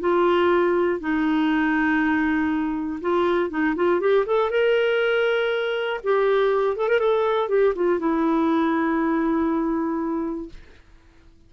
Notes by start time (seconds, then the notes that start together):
0.00 F4
1.00 D#4
3.01 F4
3.50 D#4
3.76 F4
4.00 G4
4.26 A4
4.50 A#4
6.03 G4
6.76 A4
6.88 A#4
6.99 A4
7.49 G4
7.75 F4
7.99 E4